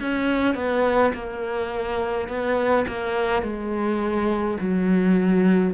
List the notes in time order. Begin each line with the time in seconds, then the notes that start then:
0.00 C#4
0.55 B3
1.14 A#3
2.28 B3
2.87 A#3
3.42 G#3
4.59 F#3